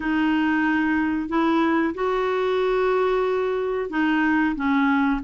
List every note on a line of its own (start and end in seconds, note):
0.00 1.28 D#4
1.28 1.94 E4
1.94 3.90 F#4
3.90 4.55 D#4
4.55 5.20 C#4